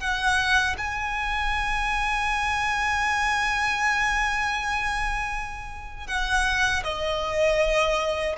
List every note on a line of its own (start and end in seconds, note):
0.00 0.76 F#5
0.78 6.07 G#5
6.07 6.83 F#5
6.84 8.35 D#5